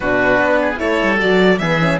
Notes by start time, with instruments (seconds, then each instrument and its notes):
0.00 cello B2, horn D4, oboe F#4, violin B4
0.39 cello B3
0.61 oboe G#4
0.76 cello A3, horn E4, oboe A4, violin C#5
1.02 cello G3
1.19 cello F#3, horn F#4, violin D5
1.58 cello E3, horn B3, oboe G#4, violin E5
1.80 horn C#4